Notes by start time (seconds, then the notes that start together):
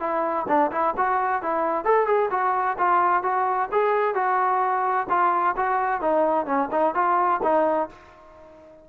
0.00 E4
0.48 D4
0.72 E4
0.97 F#4
1.43 E4
1.85 A4
2.07 G#4
2.31 F#4
2.78 F4
3.23 F#4
3.72 G#4
4.15 F#4
5.09 F4
5.57 F#4
6.01 D#4
6.46 C#4
6.72 D#4
6.95 F4
7.43 D#4